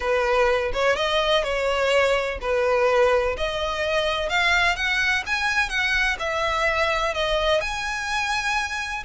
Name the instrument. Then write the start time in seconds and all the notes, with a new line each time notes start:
violin
0.00 B4
0.73 C#5
0.95 D#5
1.43 C#5
2.41 B4
3.37 D#5
4.29 F5
4.76 F#5
5.26 G#5
5.69 F#5
6.19 E5
7.14 D#5
7.61 G#5